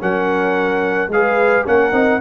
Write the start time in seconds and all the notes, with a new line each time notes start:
0.00 F#3 C#4 A#4 F#5
1.09 G#3 G#4 B4 F5
1.66 A#3 C#4 A#4 F#5
1.93 C4 D#4